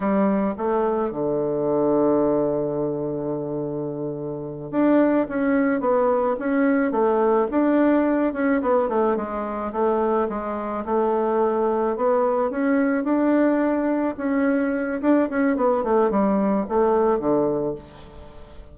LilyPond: \new Staff \with { instrumentName = "bassoon" } { \time 4/4 \tempo 4 = 108 g4 a4 d2~ | d1~ | d8 d'4 cis'4 b4 cis'8~ | cis'8 a4 d'4. cis'8 b8 |
a8 gis4 a4 gis4 a8~ | a4. b4 cis'4 d'8~ | d'4. cis'4. d'8 cis'8 | b8 a8 g4 a4 d4 | }